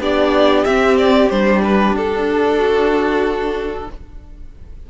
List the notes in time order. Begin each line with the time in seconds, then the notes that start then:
0.00 B3 D4 G4 D5
0.65 C4 E5
0.98 D5
1.29 G3 D4 C5
1.64 B4
1.92 D4 A4
2.57 F#4